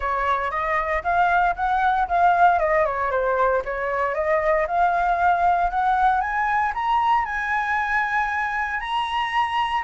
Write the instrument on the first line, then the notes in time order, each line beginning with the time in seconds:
flute
0.00 C#5
0.51 D#5
1.03 F5
1.55 F#5
2.08 F5
2.59 D#5
2.85 C#5
3.10 C5
3.64 C#5
4.14 D#5
4.67 F5
5.70 F#5
6.20 G#5
6.74 A#5
7.25 G#5
8.79 A#5